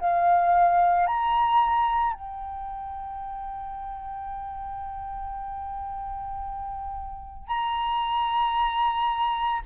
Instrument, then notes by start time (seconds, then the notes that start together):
flute
0.00 F5
1.07 A#5
2.13 G5
7.48 A#5